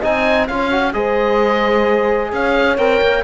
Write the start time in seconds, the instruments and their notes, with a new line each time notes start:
0.00 cello C4, trombone D#4, horn D#5, oboe G#5
0.48 cello C#4, trombone F4, horn C#5, oboe F5
0.72 trombone F#4
0.94 cello G#3, trombone G#4, horn C5, oboe D#5
2.32 cello C#4, horn C#5, oboe F5
2.78 cello C4, trombone A#4, oboe G5
3.02 cello A#3